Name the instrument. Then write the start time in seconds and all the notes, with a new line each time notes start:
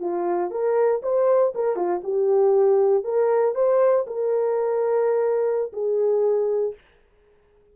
horn
0.00 F4
0.51 A#4
1.03 C5
1.55 A#4
1.76 F4
2.04 G4
3.04 A#4
3.55 C5
4.07 A#4
5.73 G#4